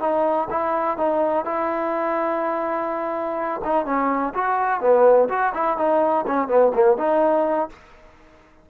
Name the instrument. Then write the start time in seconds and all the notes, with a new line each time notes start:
trombone
0.00 D#4
0.50 E4
0.97 D#4
1.45 E4
3.64 D#4
3.85 C#4
4.34 F#4
4.80 B3
5.29 F#4
5.54 E4
5.77 D#4
6.27 C#4
6.48 B3
6.74 A#3
6.97 D#4